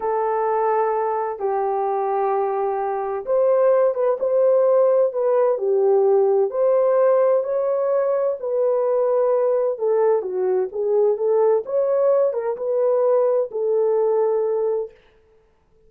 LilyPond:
\new Staff \with { instrumentName = "horn" } { \time 4/4 \tempo 4 = 129 a'2. g'4~ | g'2. c''4~ | c''8 b'8 c''2 b'4 | g'2 c''2 |
cis''2 b'2~ | b'4 a'4 fis'4 gis'4 | a'4 cis''4. ais'8 b'4~ | b'4 a'2. | }